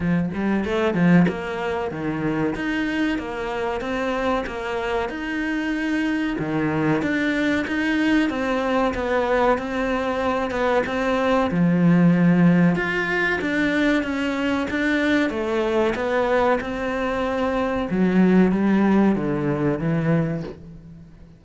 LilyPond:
\new Staff \with { instrumentName = "cello" } { \time 4/4 \tempo 4 = 94 f8 g8 a8 f8 ais4 dis4 | dis'4 ais4 c'4 ais4 | dis'2 dis4 d'4 | dis'4 c'4 b4 c'4~ |
c'8 b8 c'4 f2 | f'4 d'4 cis'4 d'4 | a4 b4 c'2 | fis4 g4 d4 e4 | }